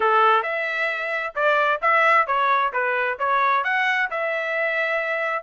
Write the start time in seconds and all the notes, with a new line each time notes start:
0.00 A4
0.42 E5
1.35 D5
1.81 E5
2.26 C#5
2.72 B4
3.18 C#5
3.64 F#5
4.10 E5